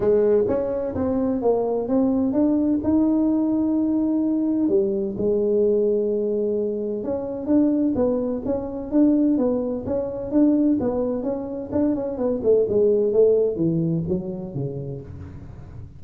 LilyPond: \new Staff \with { instrumentName = "tuba" } { \time 4/4 \tempo 4 = 128 gis4 cis'4 c'4 ais4 | c'4 d'4 dis'2~ | dis'2 g4 gis4~ | gis2. cis'4 |
d'4 b4 cis'4 d'4 | b4 cis'4 d'4 b4 | cis'4 d'8 cis'8 b8 a8 gis4 | a4 e4 fis4 cis4 | }